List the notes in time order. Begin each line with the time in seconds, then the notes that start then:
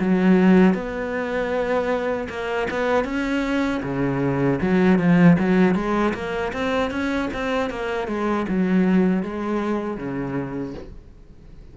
0.00 F#3
0.74 B3
2.29 A#3
2.70 B3
3.05 C#4
3.83 C#3
4.62 F#3
4.99 F3
5.39 F#3
5.75 G#3
6.14 A#3
6.53 C4
6.91 C#4
7.34 C4
7.70 A#3
8.07 G#3
8.48 F#3
9.23 G#3
9.97 C#3